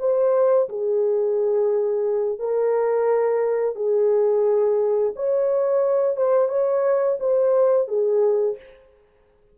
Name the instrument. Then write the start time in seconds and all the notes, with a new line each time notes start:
horn
0.00 C5
0.69 G#4
2.39 A#4
3.76 G#4
5.16 C#5
6.17 C5
6.49 C#5
7.20 C5
7.88 G#4